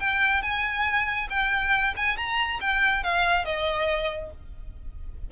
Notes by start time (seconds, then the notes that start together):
0.00 G5
0.42 G#5
1.30 G5
1.97 G#5
2.17 A#5
2.61 G5
3.04 F5
3.45 D#5